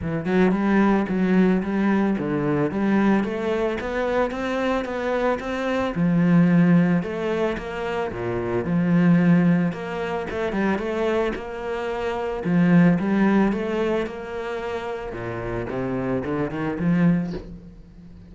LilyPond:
\new Staff \with { instrumentName = "cello" } { \time 4/4 \tempo 4 = 111 e8 fis8 g4 fis4 g4 | d4 g4 a4 b4 | c'4 b4 c'4 f4~ | f4 a4 ais4 ais,4 |
f2 ais4 a8 g8 | a4 ais2 f4 | g4 a4 ais2 | ais,4 c4 d8 dis8 f4 | }